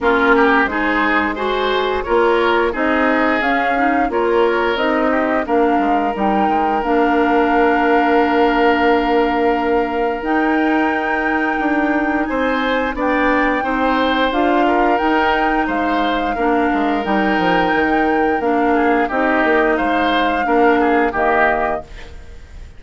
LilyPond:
<<
  \new Staff \with { instrumentName = "flute" } { \time 4/4 \tempo 4 = 88 ais'4 c''4 gis'4 cis''4 | dis''4 f''4 cis''4 dis''4 | f''4 g''4 f''2~ | f''2. g''4~ |
g''2 gis''4 g''4~ | g''4 f''4 g''4 f''4~ | f''4 g''2 f''4 | dis''4 f''2 dis''4 | }
  \new Staff \with { instrumentName = "oboe" } { \time 4/4 f'8 g'8 gis'4 c''4 ais'4 | gis'2 ais'4. g'8 | ais'1~ | ais'1~ |
ais'2 c''4 d''4 | c''4. ais'4. c''4 | ais'2.~ ais'8 gis'8 | g'4 c''4 ais'8 gis'8 g'4 | }
  \new Staff \with { instrumentName = "clarinet" } { \time 4/4 cis'4 dis'4 fis'4 f'4 | dis'4 cis'8 dis'8 f'4 dis'4 | d'4 dis'4 d'2~ | d'2. dis'4~ |
dis'2. d'4 | dis'4 f'4 dis'2 | d'4 dis'2 d'4 | dis'2 d'4 ais4 | }
  \new Staff \with { instrumentName = "bassoon" } { \time 4/4 ais4 gis2 ais4 | c'4 cis'4 ais4 c'4 | ais8 gis8 g8 gis8 ais2~ | ais2. dis'4~ |
dis'4 d'4 c'4 b4 | c'4 d'4 dis'4 gis4 | ais8 gis8 g8 f8 dis4 ais4 | c'8 ais8 gis4 ais4 dis4 | }
>>